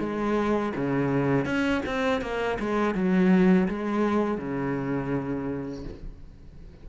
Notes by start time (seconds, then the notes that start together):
0.00 G#3
0.76 C#3
1.46 C#4
1.86 C4
2.22 A#3
2.60 G#3
2.95 F#3
3.69 G#3
4.38 C#3